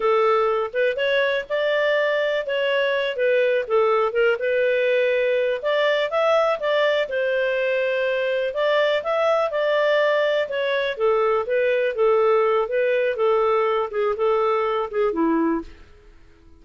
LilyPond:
\new Staff \with { instrumentName = "clarinet" } { \time 4/4 \tempo 4 = 123 a'4. b'8 cis''4 d''4~ | d''4 cis''4. b'4 a'8~ | a'8 ais'8 b'2~ b'8 d''8~ | d''8 e''4 d''4 c''4.~ |
c''4. d''4 e''4 d''8~ | d''4. cis''4 a'4 b'8~ | b'8 a'4. b'4 a'4~ | a'8 gis'8 a'4. gis'8 e'4 | }